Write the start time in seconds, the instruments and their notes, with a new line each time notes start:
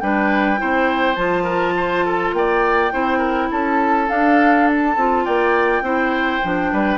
0.00 bassoon G3, clarinet D4, oboe B4, flute G5
0.57 bassoon C4, clarinet E4, oboe C5
1.15 bassoon F3, clarinet F4, flute A5
1.43 oboe A#4
1.76 oboe C5
2.05 oboe A4
2.33 bassoon A#3, oboe D5, flute G5
2.91 bassoon C4, clarinet E4, oboe C5
3.18 oboe A#4
3.51 bassoon C#4, oboe A4, flute A5
4.07 clarinet D4, bassoon D4, flute F5
4.67 flute A5
4.96 bassoon C4, clarinet F4
5.24 bassoon A#3, oboe D5, flute G5
5.81 bassoon C4, clarinet E4, oboe C5
6.42 bassoon F3, clarinet D4
6.71 bassoon G3, oboe B4